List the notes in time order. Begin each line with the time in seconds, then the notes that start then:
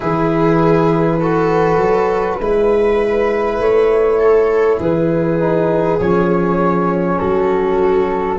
0.00 E3 E4 G#4 B4
1.20 F#4 A4
1.77 F#3
2.40 G#3 E4 B4
3.58 A3 C#5
4.19 A4
4.79 E3 G#4 B4
5.39 D#4
6.00 F3 C#4 C#5
7.19 F#3 F#4 A4